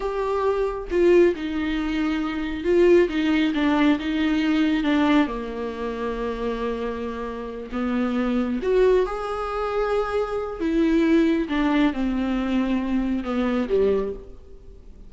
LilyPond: \new Staff \with { instrumentName = "viola" } { \time 4/4 \tempo 4 = 136 g'2 f'4 dis'4~ | dis'2 f'4 dis'4 | d'4 dis'2 d'4 | ais1~ |
ais4. b2 fis'8~ | fis'8 gis'2.~ gis'8 | e'2 d'4 c'4~ | c'2 b4 g4 | }